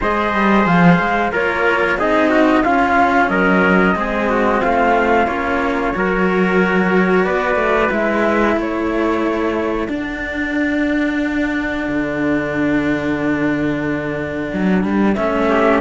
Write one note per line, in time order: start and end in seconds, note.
0.00 0.33 G#3
0.00 1.32 G#4
0.00 1.31 C5
0.00 0.66 D#5
0.33 0.65 G3
0.65 0.98 F3
0.65 1.32 F5
0.99 1.32 G#3
1.31 1.96 A#3
1.31 1.98 F4
1.31 1.97 A#4
1.31 1.98 C#5
1.96 2.62 C4
1.96 2.64 D#4
1.96 2.29 G#4
1.96 2.63 D#5
2.29 2.62 F#4
2.63 3.29 C#4
2.63 3.95 C#4
2.63 3.29 F4
2.63 3.29 F5
3.29 3.95 F#3
3.29 3.95 A#4
3.29 4.60 D#5
3.95 4.61 G#3
3.95 5.27 C4
3.95 4.29 G#4
4.29 4.62 F#4
4.60 5.27 A3
4.60 5.95 F4
4.60 5.26 F5
5.26 5.93 A#3
5.26 5.94 C#4
5.26 7.24 C#5
5.94 7.26 F#3
5.94 7.90 F#4
5.94 7.24 A#4
7.24 7.55 B3
7.24 8.56 B4
7.24 7.90 D5
7.55 7.88 A3
7.90 8.56 G#3
7.90 9.87 E4
7.90 8.59 E5
8.56 9.88 A3
8.56 15.48 A4
8.56 9.88 C#5
9.87 15.15 D4
9.87 11.87 D4
9.87 15.14 F#5
11.88 14.52 D3
14.53 14.83 F#3
14.83 15.16 G3
15.14 15.81 A3
15.14 15.81 C#4
15.14 15.80 E5
15.48 15.81 G4